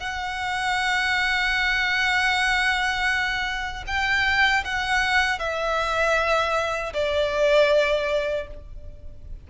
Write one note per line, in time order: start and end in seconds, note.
0.00 3.85 F#5
3.87 4.64 G5
4.65 5.40 F#5
5.40 6.93 E5
6.94 8.48 D5